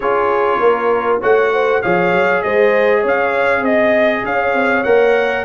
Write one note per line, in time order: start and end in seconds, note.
0.00 0.59 C#4
0.00 1.21 F4
0.00 0.59 G#4
0.00 1.19 C#5
0.59 1.20 A#3
0.59 1.20 A#4
1.20 1.83 A3
1.20 1.82 F#4
1.20 1.50 C#5
1.20 1.81 F#5
1.52 1.82 C5
1.81 2.12 F3
1.81 4.85 G#4
1.81 2.42 C#5
1.81 2.42 F5
2.12 2.43 F#3
2.42 3.04 G#3
2.42 3.00 C5
2.42 3.03 D#5
3.00 3.61 C#4
3.00 3.61 C#5
3.07 3.64 F5
3.61 4.21 C4
3.61 4.24 D#5
3.61 4.25 D#5
4.25 4.54 C#4
4.25 5.44 C#5
4.25 4.83 F5
4.54 4.84 C4
4.83 5.44 A#3
4.83 5.44 A#4
4.83 5.44 F#5